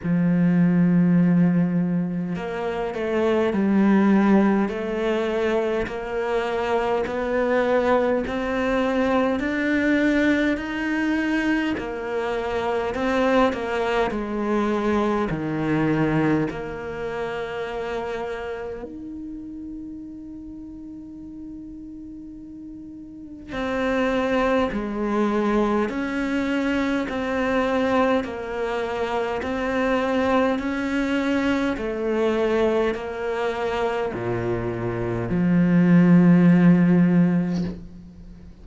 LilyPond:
\new Staff \with { instrumentName = "cello" } { \time 4/4 \tempo 4 = 51 f2 ais8 a8 g4 | a4 ais4 b4 c'4 | d'4 dis'4 ais4 c'8 ais8 | gis4 dis4 ais2 |
dis'1 | c'4 gis4 cis'4 c'4 | ais4 c'4 cis'4 a4 | ais4 ais,4 f2 | }